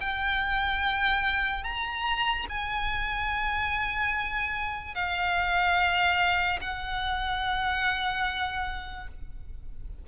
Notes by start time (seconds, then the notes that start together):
0.00 G5
1.63 A#5
2.49 G#5
4.95 F5
6.61 F#5